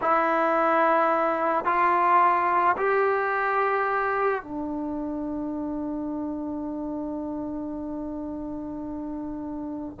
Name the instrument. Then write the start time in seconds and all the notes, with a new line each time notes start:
trombone
0.01 E4
1.65 F4
2.77 G4
4.42 D4